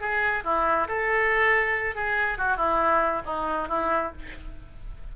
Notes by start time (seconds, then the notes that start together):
0.00 G#4
0.44 E4
0.88 A4
1.95 G#4
2.38 F#4
2.57 E4
3.25 D#4
3.68 E4